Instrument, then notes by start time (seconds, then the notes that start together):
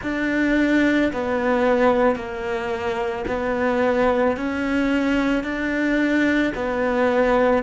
cello
0.02 D4
1.13 B3
2.15 A#3
3.27 B3
4.36 C#4
5.43 D4
6.55 B3